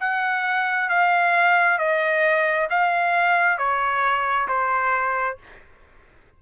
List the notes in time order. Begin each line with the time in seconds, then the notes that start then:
0.00 F#5
0.90 F5
1.79 D#5
2.70 F5
3.58 C#5
4.48 C5